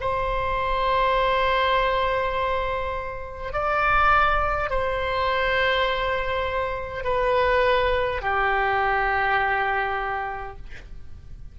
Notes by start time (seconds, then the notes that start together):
0.00 C5
3.52 D5
4.70 C5
7.04 B4
8.21 G4